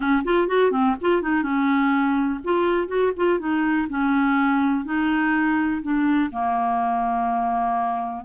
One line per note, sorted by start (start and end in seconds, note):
0.00 0.22 C#4
0.24 0.47 F4
0.47 0.71 F#4
0.71 0.95 C4
1.01 1.22 F4
1.22 1.42 D#4
1.42 2.39 C#4
2.43 2.87 F4
2.87 3.12 F#4
3.16 3.39 F4
3.39 3.87 D#4
3.89 4.85 C#4
4.85 5.81 D#4
5.82 6.30 D4
6.31 8.25 A#3